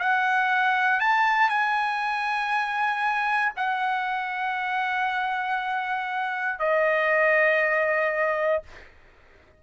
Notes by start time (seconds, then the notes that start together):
0.00 F#5
1.00 A5
1.49 G#5
3.57 F#5
6.60 D#5